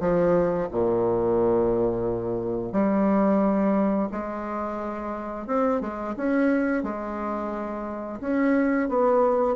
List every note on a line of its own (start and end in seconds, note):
0.00 0.68 F3
0.71 2.73 A#2
2.73 4.09 G3
4.12 5.47 G#3
5.47 5.81 C4
5.81 6.15 G#3
6.17 6.83 C#4
6.83 8.20 G#3
8.21 8.89 C#4
8.89 9.56 B3